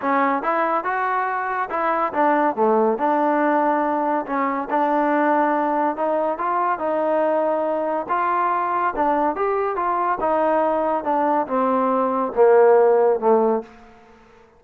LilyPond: \new Staff \with { instrumentName = "trombone" } { \time 4/4 \tempo 4 = 141 cis'4 e'4 fis'2 | e'4 d'4 a4 d'4~ | d'2 cis'4 d'4~ | d'2 dis'4 f'4 |
dis'2. f'4~ | f'4 d'4 g'4 f'4 | dis'2 d'4 c'4~ | c'4 ais2 a4 | }